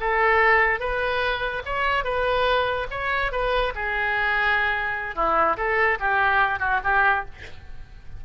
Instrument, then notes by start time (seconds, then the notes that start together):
oboe
0.00 A4
0.80 B4
1.65 C#5
2.04 B4
2.90 C#5
3.31 B4
3.75 G#4
5.15 E4
5.57 A4
5.99 G4
6.59 F#4
6.84 G4